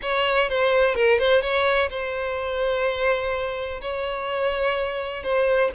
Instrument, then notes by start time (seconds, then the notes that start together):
violin
0.02 C#5
0.49 C5
0.94 A#4
1.18 C5
1.41 C#5
1.90 C5
3.81 C#5
5.23 C5